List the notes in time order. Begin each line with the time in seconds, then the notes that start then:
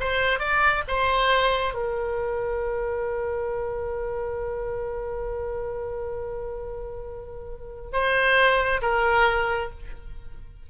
0.00 C5
0.39 D5
0.88 C5
1.74 A#4
7.93 C5
8.82 A#4